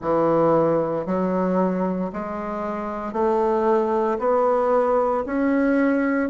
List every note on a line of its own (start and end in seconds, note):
0.01 1.06 E3
1.06 2.11 F#3
2.12 3.12 G#3
3.12 4.18 A3
4.18 5.23 B3
5.26 6.29 C#4